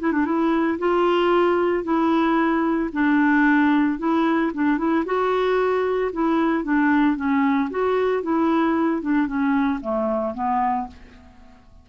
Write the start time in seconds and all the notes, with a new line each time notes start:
0.00 E4
0.12 D4
0.25 E4
0.79 F4
1.84 E4
2.93 D4
3.99 E4
4.54 D4
4.78 E4
5.05 F#4
6.13 E4
6.64 D4
7.16 C#4
7.70 F#4
8.23 E4
9.02 D4
9.27 C#4
9.81 A3
10.34 B3